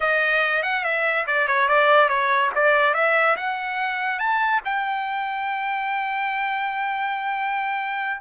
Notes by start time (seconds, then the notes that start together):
0.00 D#5
0.63 F#5
0.84 E5
1.26 D5
1.47 C#5
1.68 D5
2.08 C#5
2.55 D5
2.94 E5
3.36 F#5
4.19 A5
4.64 G5